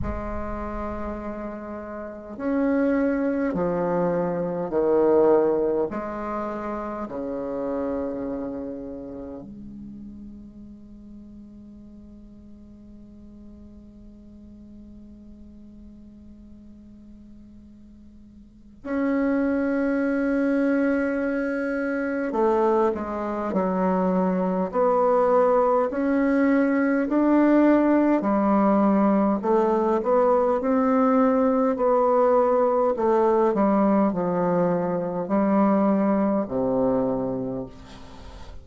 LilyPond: \new Staff \with { instrumentName = "bassoon" } { \time 4/4 \tempo 4 = 51 gis2 cis'4 f4 | dis4 gis4 cis2 | gis1~ | gis1 |
cis'2. a8 gis8 | fis4 b4 cis'4 d'4 | g4 a8 b8 c'4 b4 | a8 g8 f4 g4 c4 | }